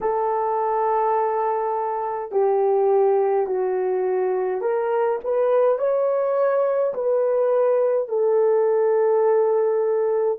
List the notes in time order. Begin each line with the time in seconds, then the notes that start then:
0.01 A4
2.31 G4
3.46 F#4
4.61 A#4
5.24 B4
5.78 C#5
6.93 B4
8.08 A4